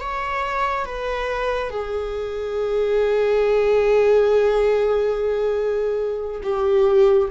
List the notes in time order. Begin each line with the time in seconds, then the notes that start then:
0.00 C#5
0.86 B4
1.70 G#4
6.43 G4